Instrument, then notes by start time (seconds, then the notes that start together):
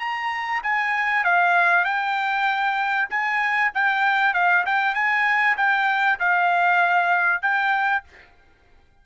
trumpet
0.00 A#5
0.64 G#5
1.25 F5
1.85 G5
3.10 G#5
3.75 G5
4.34 F5
4.66 G5
4.95 G#5
5.58 G5
6.20 F5
7.42 G5